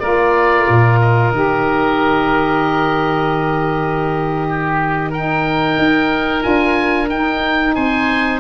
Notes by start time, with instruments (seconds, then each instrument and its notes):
0.00 tuba A#3, saxophone F4, oboe A#4 D5
0.69 tuba A#2
1.01 oboe D#5
1.32 tuba D#3, saxophone G4
4.49 oboe G4
5.10 oboe A#4 G5
5.16 saxophone D#4
5.78 tuba D#4
6.40 tuba D4, saxophone F4, oboe G#5
7.09 tuba D#4, saxophone D#4, oboe G5
7.75 tuba C4, oboe C5 G#5